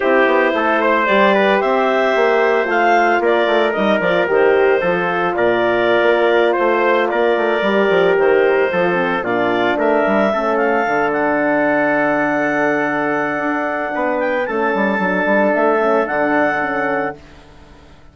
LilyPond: <<
  \new Staff \with { instrumentName = "clarinet" } { \time 4/4 \tempo 4 = 112 c''2 d''4 e''4~ | e''4 f''4 d''4 dis''8 d''8 | c''2 d''2~ | d''16 c''4 d''2 c''8.~ |
c''4~ c''16 d''4 e''4. f''16~ | f''8. fis''2.~ fis''16~ | fis''2~ fis''8 g''8 a''4~ | a''4 e''4 fis''2 | }
  \new Staff \with { instrumentName = "trumpet" } { \time 4/4 g'4 a'8 c''4 b'8 c''4~ | c''2 ais'2~ | ais'4 a'4 ais'2~ | ais'16 c''4 ais'2~ ais'8.~ |
ais'16 a'4 f'4 ais'4 a'8.~ | a'1~ | a'2 b'4 a'4~ | a'1 | }
  \new Staff \with { instrumentName = "horn" } { \time 4/4 e'2 g'2~ | g'4 f'2 dis'8 f'8 | g'4 f'2.~ | f'2~ f'16 g'4.~ g'16~ |
g'16 f'8 c'8 d'2 cis'8.~ | cis'16 d'2.~ d'8.~ | d'2. cis'4 | d'4. cis'8 d'4 cis'4 | }
  \new Staff \with { instrumentName = "bassoon" } { \time 4/4 c'8 b8 a4 g4 c'4 | ais4 a4 ais8 a8 g8 f8 | dis4 f4 ais,4~ ais,16 ais8.~ | ais16 a4 ais8 a8 g8 f8 dis8.~ |
dis16 f4 ais,4 a8 g8 a8.~ | a16 d2.~ d8.~ | d4 d'4 b4 a8 g8 | fis8 g8 a4 d2 | }
>>